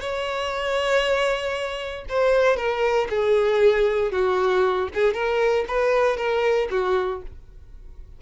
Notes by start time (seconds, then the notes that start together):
0.00 C#5
2.09 C5
2.57 A#4
3.10 G#4
4.12 F#4
4.94 G#4
5.14 A#4
5.68 B4
6.17 A#4
6.71 F#4